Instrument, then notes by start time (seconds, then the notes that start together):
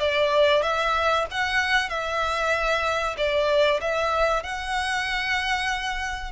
violin
0.00 D5
0.63 E5
1.31 F#5
1.90 E5
3.17 D5
3.81 E5
4.43 F#5